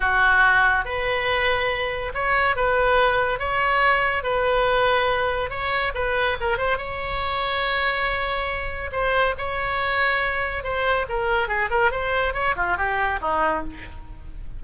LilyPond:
\new Staff \with { instrumentName = "oboe" } { \time 4/4 \tempo 4 = 141 fis'2 b'2~ | b'4 cis''4 b'2 | cis''2 b'2~ | b'4 cis''4 b'4 ais'8 c''8 |
cis''1~ | cis''4 c''4 cis''2~ | cis''4 c''4 ais'4 gis'8 ais'8 | c''4 cis''8 f'8 g'4 dis'4 | }